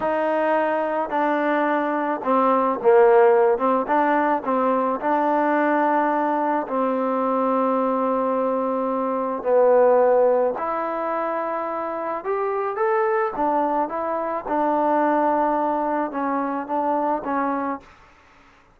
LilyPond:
\new Staff \with { instrumentName = "trombone" } { \time 4/4 \tempo 4 = 108 dis'2 d'2 | c'4 ais4. c'8 d'4 | c'4 d'2. | c'1~ |
c'4 b2 e'4~ | e'2 g'4 a'4 | d'4 e'4 d'2~ | d'4 cis'4 d'4 cis'4 | }